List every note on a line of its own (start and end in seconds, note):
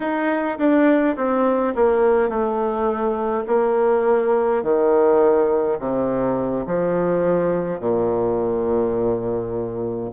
0.00 0.58 D#4
0.58 1.15 D4
1.16 1.74 C4
1.75 2.29 A#3
2.29 3.44 A3
3.47 4.62 A#3
4.63 5.78 D#3
5.78 6.65 C3
6.66 7.79 F3
7.79 10.10 A#2